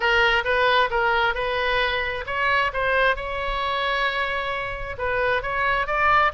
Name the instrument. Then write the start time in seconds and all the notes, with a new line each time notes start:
oboe
0.00 A#4
0.44 B4
0.90 A#4
1.34 B4
2.26 C#5
2.73 C5
3.16 C#5
4.98 B4
5.42 C#5
5.86 D5